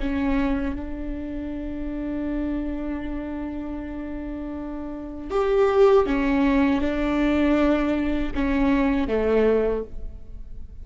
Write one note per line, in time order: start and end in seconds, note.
0.00 0.76 C#4
0.76 5.31 D4
5.31 6.07 G4
6.07 6.81 C#4
6.81 8.33 D4
8.35 9.08 C#4
9.08 9.84 A3